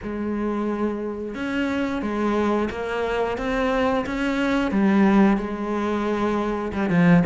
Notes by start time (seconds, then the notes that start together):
0.02 G#3
1.34 C#4
2.01 G#3
2.70 A#3
3.37 C4
4.06 C#4
4.71 G3
5.37 G#3
6.72 G3
6.89 F3